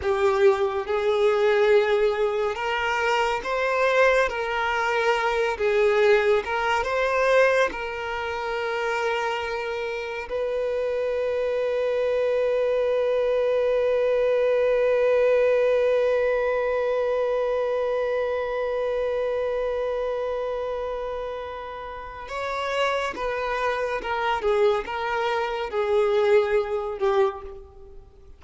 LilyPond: \new Staff \with { instrumentName = "violin" } { \time 4/4 \tempo 4 = 70 g'4 gis'2 ais'4 | c''4 ais'4. gis'4 ais'8 | c''4 ais'2. | b'1~ |
b'1~ | b'1~ | b'2 cis''4 b'4 | ais'8 gis'8 ais'4 gis'4. g'8 | }